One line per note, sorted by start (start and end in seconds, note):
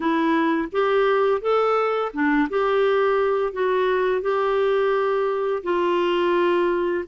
0.00 0.68 E4
0.72 1.41 G4
1.41 2.11 A4
2.13 2.48 D4
2.49 3.52 G4
3.52 4.21 F#4
4.21 5.62 G4
5.63 7.04 F4